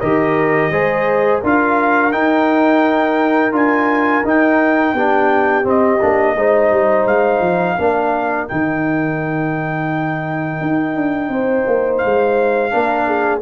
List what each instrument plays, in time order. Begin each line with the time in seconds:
0.00 tuba D#3, trombone G4, horn A#4, trumpet D#5
0.70 tuba G#3, trombone G#4, horn C5
1.41 tuba D4, trombone F4, horn A#4, trumpet F5
2.12 trombone D#4, tuba D#4, trumpet G5
3.52 tuba D4, trombone F4, trumpet G#5
4.24 tuba D#4, trombone D#4, trumpet G5
4.94 tuba B3, trombone D4, horn G4
5.64 trombone C4, tuba C4, trumpet D#5
6.01 tuba A#3, trombone D4
6.36 tuba G#3, trombone D#4, horn C5
6.71 tuba G3
7.05 tuba G#3, trumpet F5
7.40 tuba F3
7.78 tuba A#3, trombone D4, horn A#4
8.48 tuba D#3, trombone D#4, trumpet G5
10.61 tuba D#4
10.95 tuba D4
11.29 tuba C4, horn C5
11.67 tuba A#3
11.98 trumpet F5
12.04 tuba G#3
12.71 tuba A#3, trombone D4, horn A#4
13.07 horn G#4